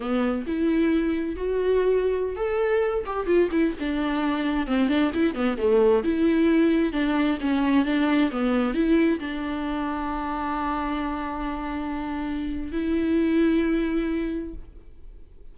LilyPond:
\new Staff \with { instrumentName = "viola" } { \time 4/4 \tempo 4 = 132 b4 e'2 fis'4~ | fis'4~ fis'16 a'4. g'8 f'8 e'16~ | e'16 d'2 c'8 d'8 e'8 b16~ | b16 a4 e'2 d'8.~ |
d'16 cis'4 d'4 b4 e'8.~ | e'16 d'2.~ d'8.~ | d'1 | e'1 | }